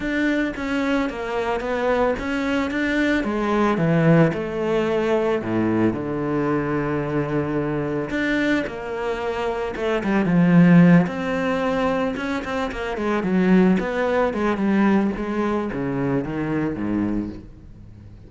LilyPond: \new Staff \with { instrumentName = "cello" } { \time 4/4 \tempo 4 = 111 d'4 cis'4 ais4 b4 | cis'4 d'4 gis4 e4 | a2 a,4 d4~ | d2. d'4 |
ais2 a8 g8 f4~ | f8 c'2 cis'8 c'8 ais8 | gis8 fis4 b4 gis8 g4 | gis4 cis4 dis4 gis,4 | }